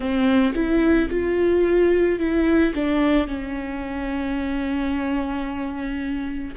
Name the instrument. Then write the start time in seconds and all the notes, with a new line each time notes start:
viola
0.00 C4
0.54 E4
1.10 F4
2.19 E4
2.74 D4
3.27 C#4